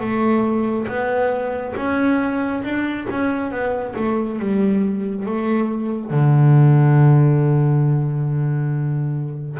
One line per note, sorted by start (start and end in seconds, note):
0.00 0.87 A3
0.87 1.74 B3
1.75 2.62 C#4
2.63 3.07 D4
3.10 3.51 C#4
3.51 3.94 B3
3.96 4.39 A3
4.39 5.25 G3
5.25 6.10 A3
6.10 9.58 D3